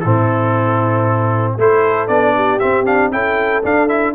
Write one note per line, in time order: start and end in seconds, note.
0.00 1.57 A2
0.00 1.59 C4
0.00 1.55 E4
0.00 1.54 A4
1.57 2.09 A3
1.57 2.08 E4
1.57 2.35 A4
1.57 2.08 C5
2.08 2.60 B3
2.08 2.59 D4
2.08 2.59 D5
2.35 3.12 G4
2.59 2.85 C4
2.59 3.12 C4
2.59 2.85 E5
2.85 3.11 D4
2.85 3.12 F5
3.11 3.63 C#4
3.11 3.63 E4
3.11 4.15 A4
3.11 3.63 G5
3.63 3.89 D4
3.63 4.15 D4
3.63 3.88 F5
3.88 4.14 E4
3.88 4.14 E5